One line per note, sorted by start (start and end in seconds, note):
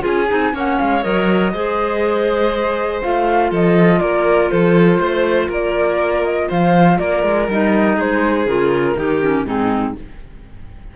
0.00 0.30 C#4
0.00 0.25 F4
0.00 0.52 G#4
0.07 0.56 G#5
0.29 0.53 C4
0.29 0.52 D#4
0.52 0.78 A#3
0.52 1.02 C#4
0.52 1.53 C#5
0.52 0.79 F#5
0.79 1.05 G#3
0.79 1.03 F5
1.03 1.53 F#3
1.03 1.52 A#4
1.03 3.01 D#5
1.53 3.02 G#3
1.53 3.01 G#4
1.53 3.50 C5
3.01 3.51 A3
3.01 7.48 F4
3.01 3.51 F5
3.50 4.00 F3
3.50 3.99 A4
3.50 3.99 D#5
3.99 4.50 A#3
3.99 4.51 A#4
3.99 4.49 D5
4.50 4.99 F3
4.50 5.00 A4
4.50 5.49 C5
4.99 5.48 A3
4.99 5.48 C5
5.48 6.48 A#3
5.48 6.48 A#4
5.48 6.24 D5
6.24 6.49 D#5
6.48 6.99 F3
6.48 6.98 C5
6.48 6.98 F5
6.98 7.23 A#3
6.98 7.95 A#4
6.98 7.48 D5
7.23 7.48 G#3
7.48 7.97 G3
7.48 8.47 D#4
7.48 8.00 D#5
7.95 8.46 G#3
7.95 8.95 G#4
7.95 8.47 C5
8.46 8.96 C#3
8.46 8.96 F4
8.46 9.46 A#4
8.96 9.44 D#3
8.96 9.20 D#4
8.96 9.47 G4
9.21 9.45 C#4
9.44 9.94 G#2
9.44 9.94 C4
9.44 9.96 D#4
9.44 9.96 G#4